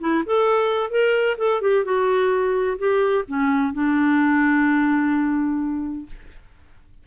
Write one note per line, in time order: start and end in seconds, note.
0.00 0.23 E4
0.25 0.90 A4
0.90 1.37 A#4
1.38 1.61 A4
1.61 1.84 G4
1.84 2.77 F#4
2.78 3.24 G4
3.27 3.73 C#4
3.73 6.06 D4